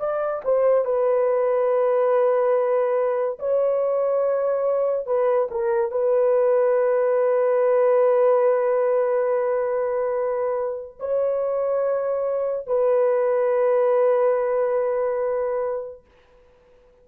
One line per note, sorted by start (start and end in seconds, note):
0.00 0.42 D5
0.45 0.86 C5
0.86 3.39 B4
3.40 5.07 C#5
5.07 5.49 B4
5.52 5.92 A#4
5.92 10.99 B4
11.00 12.67 C#5
12.67 16.05 B4